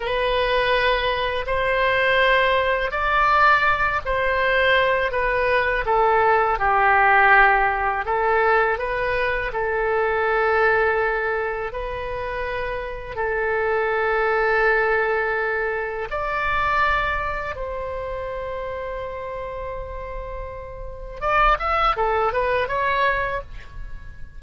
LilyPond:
\new Staff \with { instrumentName = "oboe" } { \time 4/4 \tempo 4 = 82 b'2 c''2 | d''4. c''4. b'4 | a'4 g'2 a'4 | b'4 a'2. |
b'2 a'2~ | a'2 d''2 | c''1~ | c''4 d''8 e''8 a'8 b'8 cis''4 | }